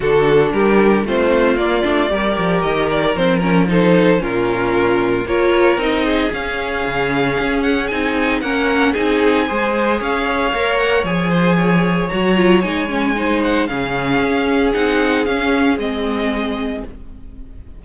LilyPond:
<<
  \new Staff \with { instrumentName = "violin" } { \time 4/4 \tempo 4 = 114 a'4 ais'4 c''4 d''4~ | d''4 dis''8 d''8 c''8 ais'8 c''4 | ais'2 cis''4 dis''4 | f''2~ f''8 fis''8 gis''4 |
fis''4 gis''2 f''4~ | f''8 fis''8 gis''2 ais''4 | gis''4. fis''8 f''2 | fis''4 f''4 dis''2 | }
  \new Staff \with { instrumentName = "violin" } { \time 4/4 fis'4 g'4 f'2 | ais'2. a'4 | f'2 ais'4. gis'8~ | gis'1 |
ais'4 gis'4 c''4 cis''4~ | cis''4. c''8 cis''2~ | cis''4 c''4 gis'2~ | gis'1 | }
  \new Staff \with { instrumentName = "viola" } { \time 4/4 d'2 c'4 ais8 d'8 | g'2 c'8 cis'8 dis'4 | cis'2 f'4 dis'4 | cis'2. dis'4 |
cis'4 dis'4 gis'2 | ais'4 gis'2 fis'8 f'8 | dis'8 cis'8 dis'4 cis'2 | dis'4 cis'4 c'2 | }
  \new Staff \with { instrumentName = "cello" } { \time 4/4 d4 g4 a4 ais8 a8 | g8 f8 dis4 f2 | ais,2 ais4 c'4 | cis'4 cis4 cis'4 c'4 |
ais4 c'4 gis4 cis'4 | ais4 f2 fis4 | gis2 cis4 cis'4 | c'4 cis'4 gis2 | }
>>